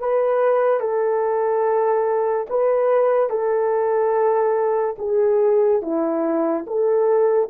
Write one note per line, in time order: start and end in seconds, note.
0.00 0.80 B4
0.80 2.47 A4
2.50 3.30 B4
3.30 4.96 A4
4.99 5.82 G#4
5.82 6.66 E4
6.67 7.50 A4